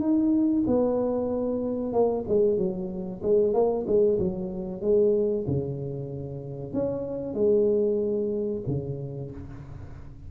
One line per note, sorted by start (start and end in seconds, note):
0.00 0.64 D#4
0.67 1.93 B3
1.93 2.25 A#3
2.28 2.57 G#3
2.57 3.21 F#3
3.23 3.53 G#3
3.53 3.85 A#3
3.87 4.19 G#3
4.19 4.81 F#3
4.81 5.45 G#3
5.47 6.73 C#3
6.73 7.34 C#4
7.34 8.62 G#3
8.67 9.31 C#3